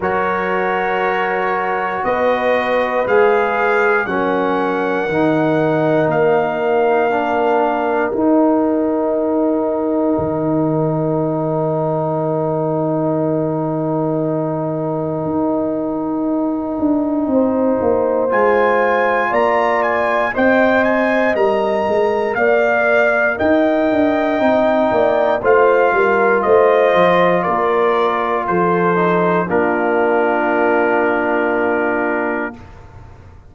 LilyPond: <<
  \new Staff \with { instrumentName = "trumpet" } { \time 4/4 \tempo 4 = 59 cis''2 dis''4 f''4 | fis''2 f''2 | g''1~ | g''1~ |
g''2 gis''4 ais''8 gis''8 | g''8 gis''8 ais''4 f''4 g''4~ | g''4 f''4 dis''4 d''4 | c''4 ais'2. | }
  \new Staff \with { instrumentName = "horn" } { \time 4/4 ais'2 b'2 | ais'1~ | ais'1~ | ais'1~ |
ais'4 c''2 d''4 | dis''2 d''4 dis''4~ | dis''8 d''8 c''8 ais'8 c''4 ais'4 | a'4 f'2. | }
  \new Staff \with { instrumentName = "trombone" } { \time 4/4 fis'2. gis'4 | cis'4 dis'2 d'4 | dis'1~ | dis'1~ |
dis'2 f'2 | c''4 ais'2. | dis'4 f'2.~ | f'8 dis'8 d'2. | }
  \new Staff \with { instrumentName = "tuba" } { \time 4/4 fis2 b4 gis4 | fis4 dis4 ais2 | dis'2 dis2~ | dis2. dis'4~ |
dis'8 d'8 c'8 ais8 gis4 ais4 | c'4 g8 gis8 ais4 dis'8 d'8 | c'8 ais8 a8 g8 a8 f8 ais4 | f4 ais2. | }
>>